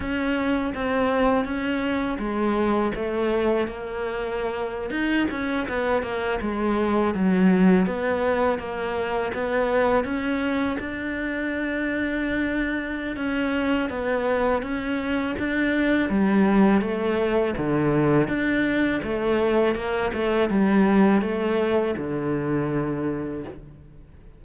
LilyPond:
\new Staff \with { instrumentName = "cello" } { \time 4/4 \tempo 4 = 82 cis'4 c'4 cis'4 gis4 | a4 ais4.~ ais16 dis'8 cis'8 b16~ | b16 ais8 gis4 fis4 b4 ais16~ | ais8. b4 cis'4 d'4~ d'16~ |
d'2 cis'4 b4 | cis'4 d'4 g4 a4 | d4 d'4 a4 ais8 a8 | g4 a4 d2 | }